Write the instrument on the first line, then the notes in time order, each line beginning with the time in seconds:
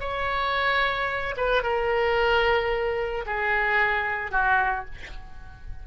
oboe
0.00 C#5
1.37 B4
1.63 A#4
3.26 G#4
4.31 F#4